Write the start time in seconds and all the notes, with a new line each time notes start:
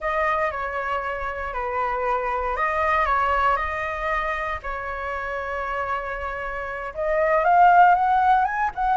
0.00 D#5
0.51 C#5
1.53 B4
2.56 D#5
3.05 C#5
3.56 D#5
4.62 C#5
6.94 D#5
7.44 F5
7.94 F#5
8.44 G#5
8.75 F#5